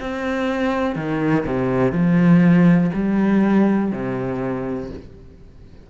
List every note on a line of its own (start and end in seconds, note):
0.00 0.96 C4
0.96 1.45 D#3
1.46 1.92 C3
1.92 2.91 F3
2.94 3.92 G3
3.92 4.90 C3